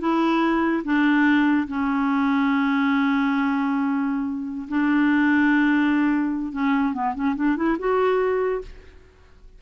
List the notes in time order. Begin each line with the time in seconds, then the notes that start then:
0.00 E4
0.84 D4
1.68 C#4
4.69 D4
6.52 C#4
6.94 B3
7.15 C#4
7.36 D4
7.56 E4
7.79 F#4